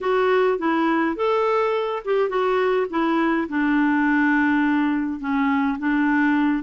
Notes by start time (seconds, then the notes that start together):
0.00 F#4
0.58 E4
1.16 A4
2.04 G4
2.29 F#4
2.90 E4
3.48 D4
5.19 C#4
5.78 D4